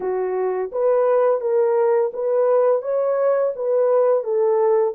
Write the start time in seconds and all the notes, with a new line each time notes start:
0.00 F#4
0.72 B4
1.40 A#4
2.13 B4
2.82 C#5
3.55 B4
4.23 A4